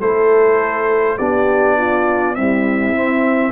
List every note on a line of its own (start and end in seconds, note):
0.00 1.18 A3
0.00 1.18 E4
0.00 1.18 A4
0.00 1.17 C5
1.17 2.35 B3
1.17 2.37 D4
1.17 1.77 G4
1.17 2.35 D5
1.77 2.36 F4
2.35 2.94 G3
2.35 3.51 C4
2.35 3.51 E4
2.35 3.51 E5
2.94 3.51 C4